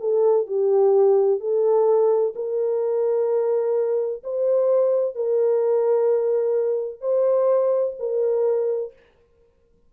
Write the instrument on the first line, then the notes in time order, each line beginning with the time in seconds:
horn
0.00 A4
0.47 G4
1.40 A4
2.35 A#4
4.24 C5
5.16 A#4
7.01 C5
7.99 A#4